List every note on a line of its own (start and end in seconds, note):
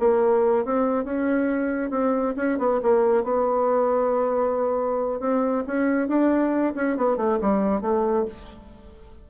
0.00 0.65 A#3
0.65 1.05 C4
1.05 1.91 C#4
1.91 2.35 C4
2.37 2.59 C#4
2.59 2.81 B3
2.83 3.24 A#3
3.24 5.21 B3
5.21 5.65 C4
5.67 6.08 C#4
6.08 6.74 D4
6.75 6.97 C#4
6.97 7.17 B3
7.17 7.39 A3
7.41 7.82 G3
7.82 8.26 A3